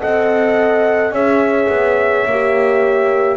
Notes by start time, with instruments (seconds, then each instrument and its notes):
0.00 double bass C4, horn A4 D#5, trumpet F#5
1.11 double bass C#4, horn G#4 C#5, trumpet E5
1.69 double bass B3
2.26 double bass A#3, horn G4